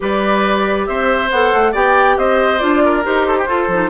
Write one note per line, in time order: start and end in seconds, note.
0.00 0.88 G3
0.00 1.28 G4
0.00 0.88 B4
0.00 0.86 D5
0.86 1.30 C4
0.86 1.72 C5
0.86 1.29 E5
1.30 1.52 B3
1.30 1.73 A4
1.30 1.73 F#5
1.53 1.74 A3
1.72 2.17 B3
1.72 2.58 G4
1.72 2.15 D5
1.72 2.18 G5
2.17 2.61 C4
2.17 2.83 C5
2.17 2.59 D#5
2.58 3.05 D4
2.58 3.02 F4
2.58 3.02 D5
2.84 3.27 A#4
3.03 3.45 D#4
3.03 3.46 G4
3.03 3.89 C5
3.27 3.37 A4
3.37 3.48 G4
3.45 3.67 F4
3.45 3.68 F4
3.45 3.89 A4
3.68 3.89 F3
3.68 3.89 D#4